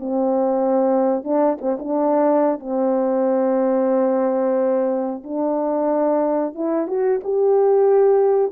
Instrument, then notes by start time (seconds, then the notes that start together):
horn
0.00 C4
1.24 D4
1.61 C4
1.79 D4
2.60 C4
5.24 D4
6.55 E4
6.88 F#4
7.23 G4